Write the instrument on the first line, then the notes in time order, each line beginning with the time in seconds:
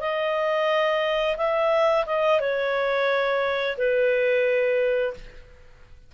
clarinet
0.00 D#5
1.37 E5
2.06 D#5
2.40 C#5
3.77 B4